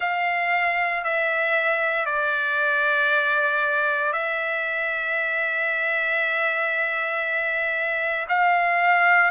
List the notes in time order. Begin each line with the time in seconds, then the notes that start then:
0.00 F5
1.03 E5
2.05 D5
4.12 E5
8.28 F5